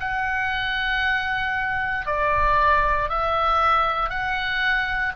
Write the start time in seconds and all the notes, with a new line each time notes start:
0.00 F#5
2.06 D5
3.09 E5
4.10 F#5